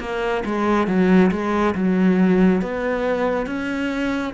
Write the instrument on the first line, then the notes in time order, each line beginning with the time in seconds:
cello
0.00 A#3
0.45 G#3
0.87 F#3
1.31 G#3
1.75 F#3
2.62 B3
3.47 C#4